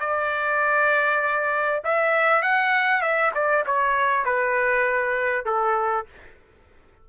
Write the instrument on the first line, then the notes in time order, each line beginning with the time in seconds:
trumpet
0.00 D5
1.84 E5
2.42 F#5
3.01 E5
3.34 D5
3.66 C#5
4.25 B4
5.45 A4